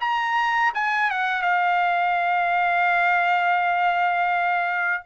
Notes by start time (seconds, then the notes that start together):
0.00 A#5
0.74 G#5
1.10 F#5
1.42 F5